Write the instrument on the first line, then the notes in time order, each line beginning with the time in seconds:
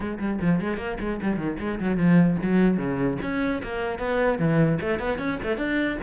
cello
0.00 G#3
0.19 G3
0.41 F3
0.60 G#3
0.77 A#3
0.99 G#3
1.21 G3
1.37 D#3
1.59 G#3
1.80 F#3
1.97 F3
2.42 F#3
2.77 C#3
3.22 C#4
3.63 A#3
3.98 B3
4.39 E3
4.80 A3
4.99 B3
5.18 C#4
5.42 A3
5.57 D4